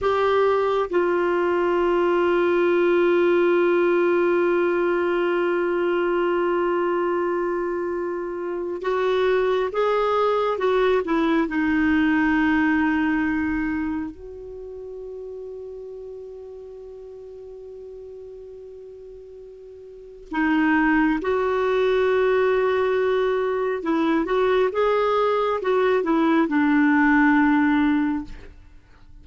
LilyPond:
\new Staff \with { instrumentName = "clarinet" } { \time 4/4 \tempo 4 = 68 g'4 f'2.~ | f'1~ | f'2 fis'4 gis'4 | fis'8 e'8 dis'2. |
fis'1~ | fis'2. dis'4 | fis'2. e'8 fis'8 | gis'4 fis'8 e'8 d'2 | }